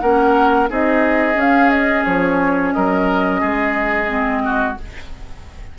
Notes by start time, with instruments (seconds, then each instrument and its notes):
0.00 bassoon A#3, clarinet C#4, oboe A#4, flute F#5
0.69 bassoon C4, clarinet D#4, oboe G#4, flute D#5
1.35 clarinet C#4, bassoon C#4
1.41 flute F5
1.70 flute D#5
2.05 bassoon F3, flute C#5
2.73 bassoon F#3, oboe A#4, flute D#5
3.41 bassoon G#3, oboe G#4
4.07 clarinet C4
4.45 oboe F#4